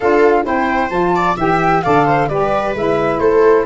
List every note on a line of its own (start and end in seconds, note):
0.00 0.45 D4
0.00 0.43 F4
0.00 0.45 A4
0.00 0.45 F5
0.43 0.89 C4
0.43 0.88 E4
0.43 1.15 C5
0.43 0.89 G5
0.89 1.35 F3
0.89 1.35 F4
0.89 1.35 A5
1.15 1.36 D5
1.36 1.83 E3
1.36 1.83 G4
1.36 1.82 E5
1.36 1.82 G5
1.82 2.29 D3
1.82 2.29 A4
1.82 2.05 D5
1.82 2.28 F5
2.05 2.28 C5
2.28 2.74 G3
2.28 2.75 G4
2.28 3.20 B4
2.28 2.74 D5
2.74 3.18 G#3
2.74 3.66 E4
2.74 3.19 E5
3.18 3.64 A3
3.18 3.66 A4
3.18 3.65 C5